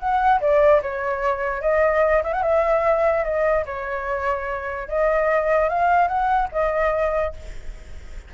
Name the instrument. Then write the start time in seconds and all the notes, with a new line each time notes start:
flute
0.00 F#5
0.41 D5
0.83 C#5
1.62 D#5
2.24 E5
2.33 F#5
2.43 E5
3.24 D#5
3.66 C#5
4.88 D#5
5.69 F5
6.08 F#5
6.52 D#5